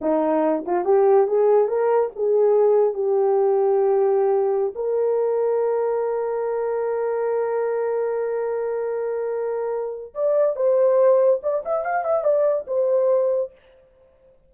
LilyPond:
\new Staff \with { instrumentName = "horn" } { \time 4/4 \tempo 4 = 142 dis'4. f'8 g'4 gis'4 | ais'4 gis'2 g'4~ | g'2.~ g'16 ais'8.~ | ais'1~ |
ais'1~ | ais'1 | d''4 c''2 d''8 e''8 | f''8 e''8 d''4 c''2 | }